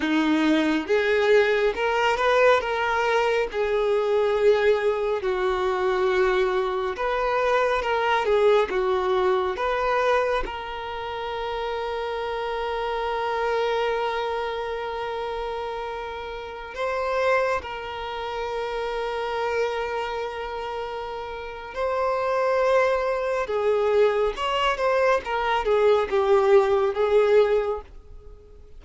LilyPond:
\new Staff \with { instrumentName = "violin" } { \time 4/4 \tempo 4 = 69 dis'4 gis'4 ais'8 b'8 ais'4 | gis'2 fis'2 | b'4 ais'8 gis'8 fis'4 b'4 | ais'1~ |
ais'2.~ ais'16 c''8.~ | c''16 ais'2.~ ais'8.~ | ais'4 c''2 gis'4 | cis''8 c''8 ais'8 gis'8 g'4 gis'4 | }